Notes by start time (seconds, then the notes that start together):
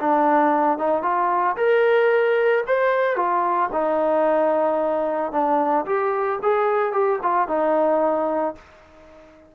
0.00 D4
0.78 D#4
1.02 F4
1.57 A#4
2.66 C5
3.16 F4
3.72 D#4
5.32 D4
5.85 G4
6.42 G#4
6.92 G4
7.22 F4
7.48 D#4